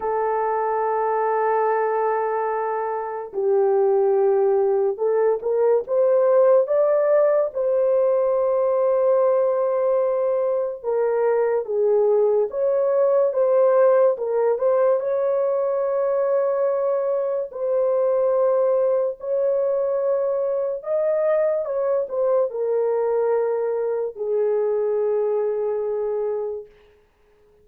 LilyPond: \new Staff \with { instrumentName = "horn" } { \time 4/4 \tempo 4 = 72 a'1 | g'2 a'8 ais'8 c''4 | d''4 c''2.~ | c''4 ais'4 gis'4 cis''4 |
c''4 ais'8 c''8 cis''2~ | cis''4 c''2 cis''4~ | cis''4 dis''4 cis''8 c''8 ais'4~ | ais'4 gis'2. | }